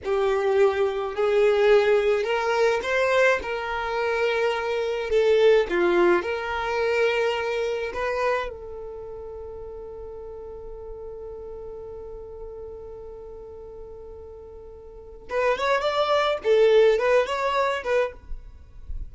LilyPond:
\new Staff \with { instrumentName = "violin" } { \time 4/4 \tempo 4 = 106 g'2 gis'2 | ais'4 c''4 ais'2~ | ais'4 a'4 f'4 ais'4~ | ais'2 b'4 a'4~ |
a'1~ | a'1~ | a'2. b'8 cis''8 | d''4 a'4 b'8 cis''4 b'8 | }